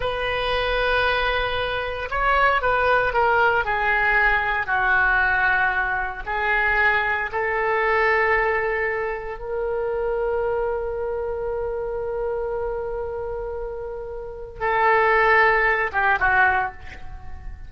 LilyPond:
\new Staff \with { instrumentName = "oboe" } { \time 4/4 \tempo 4 = 115 b'1 | cis''4 b'4 ais'4 gis'4~ | gis'4 fis'2. | gis'2 a'2~ |
a'2 ais'2~ | ais'1~ | ais'1 | a'2~ a'8 g'8 fis'4 | }